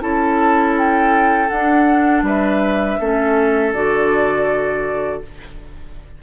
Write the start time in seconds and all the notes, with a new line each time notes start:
0.00 C#4 E4 A4 A5
0.78 G5
1.49 D4 F#5
2.22 G3 B4 E5
3.00 A3 C#4 A4
3.73 D3 F#4 D5